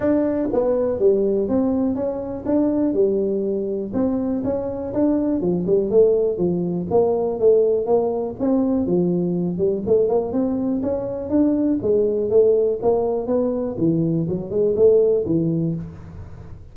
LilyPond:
\new Staff \with { instrumentName = "tuba" } { \time 4/4 \tempo 4 = 122 d'4 b4 g4 c'4 | cis'4 d'4 g2 | c'4 cis'4 d'4 f8 g8 | a4 f4 ais4 a4 |
ais4 c'4 f4. g8 | a8 ais8 c'4 cis'4 d'4 | gis4 a4 ais4 b4 | e4 fis8 gis8 a4 e4 | }